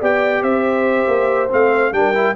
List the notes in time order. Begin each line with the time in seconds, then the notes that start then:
0.00 B3 G4 D5 G5
0.42 C4 C5 E5
1.07 A#3
1.50 A3 C4 F5
1.92 G3 D4 A#4 G5
2.14 E4